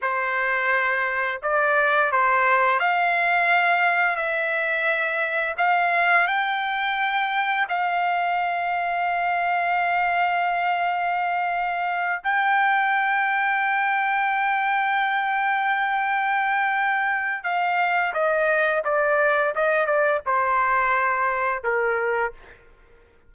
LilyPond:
\new Staff \with { instrumentName = "trumpet" } { \time 4/4 \tempo 4 = 86 c''2 d''4 c''4 | f''2 e''2 | f''4 g''2 f''4~ | f''1~ |
f''4. g''2~ g''8~ | g''1~ | g''4 f''4 dis''4 d''4 | dis''8 d''8 c''2 ais'4 | }